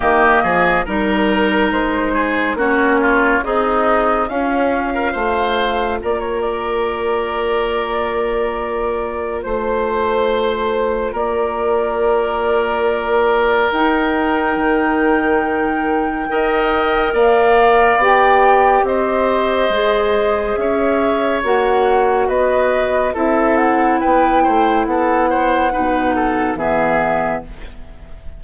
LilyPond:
<<
  \new Staff \with { instrumentName = "flute" } { \time 4/4 \tempo 4 = 70 dis''4 ais'4 c''4 cis''4 | dis''4 f''2 d''16 cis''16 d''8~ | d''2. c''4~ | c''4 d''2. |
g''1 | f''4 g''4 dis''2 | e''4 fis''4 dis''4 e''8 fis''8 | g''4 fis''2 e''4 | }
  \new Staff \with { instrumentName = "oboe" } { \time 4/4 g'8 gis'8 ais'4. gis'8 fis'8 f'8 | dis'4 cis'8. ais'16 c''4 ais'4~ | ais'2. c''4~ | c''4 ais'2.~ |
ais'2. dis''4 | d''2 c''2 | cis''2 b'4 a'4 | b'8 c''8 a'8 c''8 b'8 a'8 gis'4 | }
  \new Staff \with { instrumentName = "clarinet" } { \time 4/4 ais4 dis'2 cis'4 | gis'4 f'2.~ | f'1~ | f'1 |
dis'2. ais'4~ | ais'4 g'2 gis'4~ | gis'4 fis'2 e'4~ | e'2 dis'4 b4 | }
  \new Staff \with { instrumentName = "bassoon" } { \time 4/4 dis8 f8 g4 gis4 ais4 | c'4 cis'4 a4 ais4~ | ais2. a4~ | a4 ais2. |
dis'4 dis2 dis'4 | ais4 b4 c'4 gis4 | cis'4 ais4 b4 c'4 | b8 a8 b4 b,4 e4 | }
>>